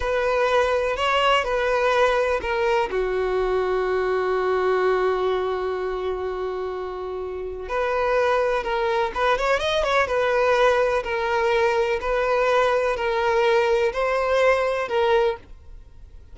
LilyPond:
\new Staff \with { instrumentName = "violin" } { \time 4/4 \tempo 4 = 125 b'2 cis''4 b'4~ | b'4 ais'4 fis'2~ | fis'1~ | fis'1 |
b'2 ais'4 b'8 cis''8 | dis''8 cis''8 b'2 ais'4~ | ais'4 b'2 ais'4~ | ais'4 c''2 ais'4 | }